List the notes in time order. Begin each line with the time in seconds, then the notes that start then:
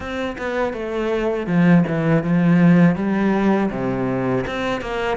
0.00 C4
0.37 B3
0.73 A3
1.46 F3
1.87 E3
2.23 F3
2.95 G3
3.70 C3
4.46 C4
4.81 A#3